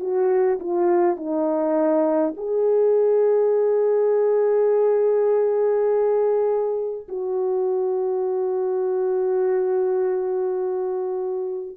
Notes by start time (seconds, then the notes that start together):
0.00 F#4
0.60 F4
1.17 D#4
2.37 G#4
7.09 F#4